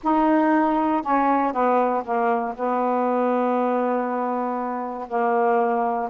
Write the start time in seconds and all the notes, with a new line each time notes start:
0.03 D#4
1.02 C#4
1.53 B3
2.04 A#3
2.55 B3
5.07 A#3